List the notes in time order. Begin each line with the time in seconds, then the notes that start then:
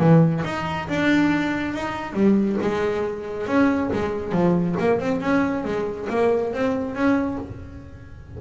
0.00 E3
0.45 D#4
0.89 D4
1.74 D#4
2.14 G3
2.62 G#3
3.47 C#4
3.93 G#3
4.33 F3
4.80 A#3
5.00 C4
5.21 C#4
5.65 G#3
6.10 A#3
6.53 C4
6.95 C#4